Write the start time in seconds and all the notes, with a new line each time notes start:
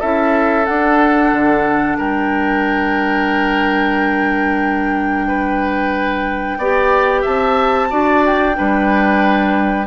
0.00 C#4 E4 A4 E5
0.65 D4 F#5
1.32 D3
1.98 G3 A#4 G5
5.28 B4
6.58 B3 G4 D5
7.22 C4 E5 A5
7.90 D4 F#4 D5
8.26 G5
8.53 D4 B4
8.59 G3